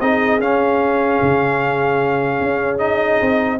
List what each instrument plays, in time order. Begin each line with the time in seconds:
0.00 tuba C4, trombone D#4, horn G#4, trumpet D#5
0.39 tuba C#4, trombone C#4, trumpet F5
1.22 tuba C#3
2.40 tuba C#4
2.78 trombone D#4, trumpet D#5
3.21 tuba C4